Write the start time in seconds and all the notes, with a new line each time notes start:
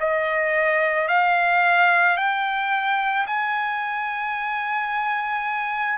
0.00 D#5
1.09 F5
2.17 G5
3.27 G#5